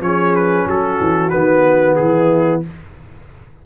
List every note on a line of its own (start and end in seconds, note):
0.00 0.65 F3
0.00 1.31 C#4
0.00 0.67 G#4
0.00 0.35 C#5
0.35 0.67 B4
0.66 0.98 F#3
0.66 1.97 F#4
0.66 1.29 A4
1.00 1.33 E3
1.29 1.98 D#3
1.29 2.63 B3
1.29 1.94 B4
1.95 2.65 E3
1.95 2.65 E4
1.95 2.61 G#4